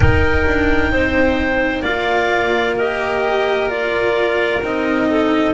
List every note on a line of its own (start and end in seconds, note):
0.00 0.45 D#4
0.00 1.83 D#4
0.00 0.92 A#4
0.00 1.83 G5
0.46 0.91 D4
0.91 1.81 C4
0.91 1.82 C5
1.81 4.57 A#3
1.81 2.79 F4
1.81 2.74 D5
1.81 2.75 F5
2.77 3.69 G4
2.77 5.07 A#4
2.77 3.69 D#5
3.69 4.61 F4
3.69 4.61 D5
4.62 5.54 C4
4.62 5.54 D#4
4.62 5.54 D#5
5.09 5.54 A4